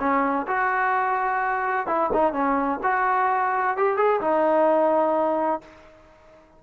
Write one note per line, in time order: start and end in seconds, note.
0.00 0.47 C#4
0.48 1.87 F#4
1.87 2.10 E4
2.14 2.33 D#4
2.33 2.80 C#4
2.83 3.77 F#4
3.77 3.97 G4
3.97 4.21 G#4
4.21 5.62 D#4